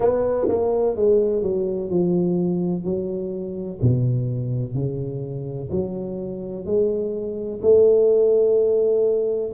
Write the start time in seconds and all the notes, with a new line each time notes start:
0.00 B3
0.48 A#3
0.96 G#3
1.42 F#3
1.90 F3
2.84 F#3
3.81 B2
4.74 C#3
5.71 F#3
6.65 G#3
7.61 A3